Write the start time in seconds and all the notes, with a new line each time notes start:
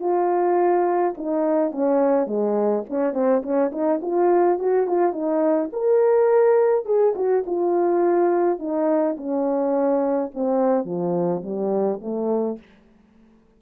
0.00 F4
1.17 D#4
1.71 C#4
2.27 G#3
2.90 C#4
3.14 C4
3.43 C#4
3.72 D#4
4.02 F4
4.59 F#4
4.87 F4
5.13 D#4
5.73 A#4
6.85 G#4
7.16 F#4
7.46 F4
8.59 D#4
9.17 C#4
10.34 C4
10.85 F3
11.43 G3
12.02 A3